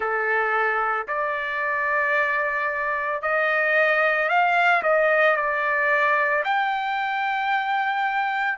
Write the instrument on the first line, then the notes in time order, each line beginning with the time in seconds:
trumpet
0.00 A4
1.07 D5
3.21 D#5
4.29 F5
4.83 D#5
5.36 D5
6.44 G5